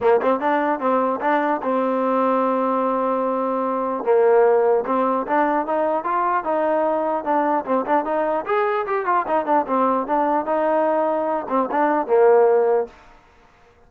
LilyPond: \new Staff \with { instrumentName = "trombone" } { \time 4/4 \tempo 4 = 149 ais8 c'8 d'4 c'4 d'4 | c'1~ | c'2 ais2 | c'4 d'4 dis'4 f'4 |
dis'2 d'4 c'8 d'8 | dis'4 gis'4 g'8 f'8 dis'8 d'8 | c'4 d'4 dis'2~ | dis'8 c'8 d'4 ais2 | }